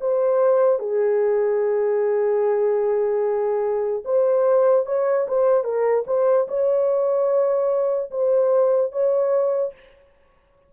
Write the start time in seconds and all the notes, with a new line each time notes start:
0.00 C5
0.79 G#4
4.04 C5
4.86 C#5
5.28 C5
5.64 A#4
6.07 C5
6.48 C#5
8.10 C5
8.92 C#5